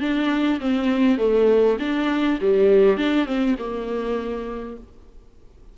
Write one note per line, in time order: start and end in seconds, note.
0.00 0.59 D4
0.60 1.17 C4
1.17 1.77 A3
1.79 2.38 D4
2.41 2.97 G3
2.97 3.25 D4
3.25 3.55 C4
3.58 4.77 A#3